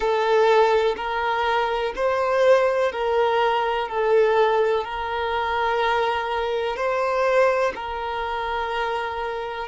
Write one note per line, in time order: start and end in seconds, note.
0.00 0.95 A4
0.96 1.93 A#4
1.95 2.92 C5
2.92 3.88 A#4
3.88 4.84 A4
4.84 6.76 A#4
6.76 7.72 C5
7.75 9.68 A#4